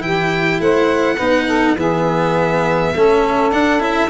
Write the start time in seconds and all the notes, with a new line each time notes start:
0.00 E3 E4 G4 G5
0.60 A3 C5 F#5
1.16 B3 D#4 B4
1.47 A4
1.75 E3 B3 G#4 E5
2.95 A3 C#4 A4
3.52 D4 F#5
3.80 C#4 E4 E5